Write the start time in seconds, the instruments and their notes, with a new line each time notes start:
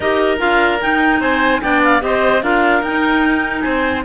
0.00 cello D#4, clarinet G4 D#5, oboe A#4
0.37 cello D4, clarinet F4 F5
0.81 clarinet D#4 G5, cello D#4
1.20 cello C4, oboe C5, clarinet G#5
1.61 cello B3, clarinet D4 G5, oboe D5
1.83 clarinet F5
2.00 cello C4, clarinet G4 D#5, oboe C5
2.41 cello D4, clarinet F4 F5, oboe A#4
2.82 cello D#4, clarinet D#4 G5
3.61 cello C4, oboe C5, clarinet G#5